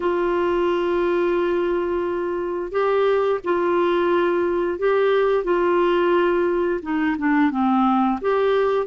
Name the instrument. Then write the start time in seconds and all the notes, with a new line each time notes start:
clarinet
0.00 F4
2.71 G4
3.43 F4
4.78 G4
5.44 F4
6.82 D#4
7.17 D4
7.51 C4
8.21 G4